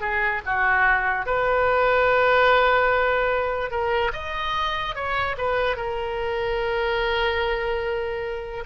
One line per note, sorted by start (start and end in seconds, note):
0.00 0.41 G#4
0.46 1.26 F#4
1.26 3.71 B4
3.71 4.12 A#4
4.13 4.95 D#5
4.95 5.36 C#5
5.38 5.76 B4
5.76 8.64 A#4